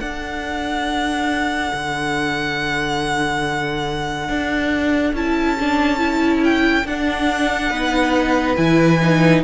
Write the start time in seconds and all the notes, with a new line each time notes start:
0.00 D4 A4 F#5
1.73 D3
4.29 D4
5.13 C#4 E4 A5
5.59 D4
5.98 E4
6.44 G5
6.85 D4 F#5
7.70 B3 D#4 B4
8.56 E3 E4 G#5
9.02 D#4